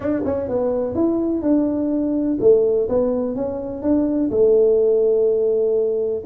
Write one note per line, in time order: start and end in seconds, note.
0.00 0.22 D4
0.25 0.48 C#4
0.48 0.94 B3
0.94 1.41 E4
1.41 2.37 D4
2.40 2.88 A3
2.88 3.35 B3
3.35 3.82 C#4
3.82 4.30 D4
4.31 6.23 A3